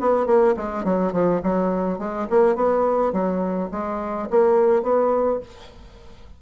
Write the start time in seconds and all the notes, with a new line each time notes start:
0.00 B3
0.26 A#3
0.57 G#3
0.84 F#3
1.12 F3
1.43 F#3
1.99 G#3
2.30 A#3
2.55 B3
3.12 F#3
3.71 G#3
4.30 A#3
4.83 B3